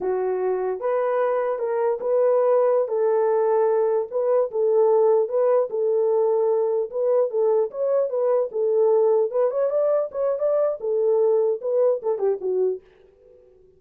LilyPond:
\new Staff \with { instrumentName = "horn" } { \time 4/4 \tempo 4 = 150 fis'2 b'2 | ais'4 b'2~ b'16 a'8.~ | a'2~ a'16 b'4 a'8.~ | a'4~ a'16 b'4 a'4.~ a'16~ |
a'4~ a'16 b'4 a'4 cis''8.~ | cis''16 b'4 a'2 b'8 cis''16~ | cis''16 d''4 cis''8. d''4 a'4~ | a'4 b'4 a'8 g'8 fis'4 | }